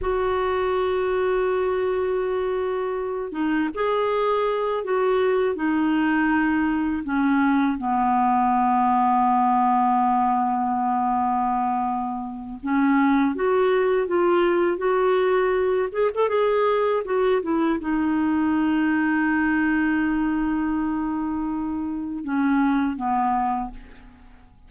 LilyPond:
\new Staff \with { instrumentName = "clarinet" } { \time 4/4 \tempo 4 = 81 fis'1~ | fis'8 dis'8 gis'4. fis'4 dis'8~ | dis'4. cis'4 b4.~ | b1~ |
b4 cis'4 fis'4 f'4 | fis'4. gis'16 a'16 gis'4 fis'8 e'8 | dis'1~ | dis'2 cis'4 b4 | }